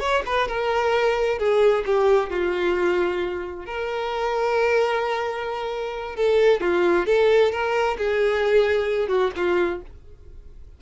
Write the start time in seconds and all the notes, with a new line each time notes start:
0.00 C#5
0.26 B4
0.48 A#4
1.39 G#4
1.86 G4
2.30 F4
3.66 A#4
6.16 A4
6.61 F4
7.06 A4
7.52 A#4
7.98 G#4
9.08 F#4
9.36 F4